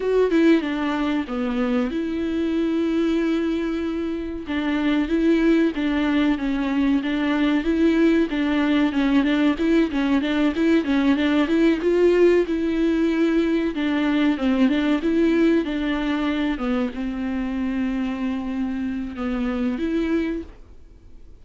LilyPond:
\new Staff \with { instrumentName = "viola" } { \time 4/4 \tempo 4 = 94 fis'8 e'8 d'4 b4 e'4~ | e'2. d'4 | e'4 d'4 cis'4 d'4 | e'4 d'4 cis'8 d'8 e'8 cis'8 |
d'8 e'8 cis'8 d'8 e'8 f'4 e'8~ | e'4. d'4 c'8 d'8 e'8~ | e'8 d'4. b8 c'4.~ | c'2 b4 e'4 | }